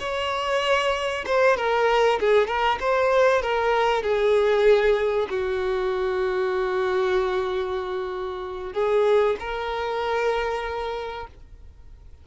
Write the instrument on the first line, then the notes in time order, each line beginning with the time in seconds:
violin
0.00 C#5
1.26 C5
1.57 A#4
2.20 G#4
2.48 A#4
2.80 C5
3.42 A#4
4.03 G#4
5.30 F#4
8.74 G#4
9.40 A#4